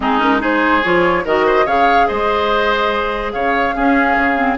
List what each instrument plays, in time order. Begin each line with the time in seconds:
0.00 bassoon G#3, clarinet C4, oboe D#4, flute G#4
0.18 clarinet C#4, flute A#4
0.39 clarinet D#4, oboe G#4, flute C5
0.84 bassoon F3, clarinet F4, flute C#5
1.24 bassoon D#3, clarinet F#4, oboe A#4, flute D#5
1.46 oboe C5
1.65 bassoon C#3, clarinet G#4, oboe C#5, flute F5
2.07 bassoon G#3, oboe C5, flute D#5
3.32 bassoon C#3, oboe C#5, flute F5
3.75 bassoon C#4, clarinet C#4, oboe G#4
4.16 bassoon C#3
4.36 clarinet C4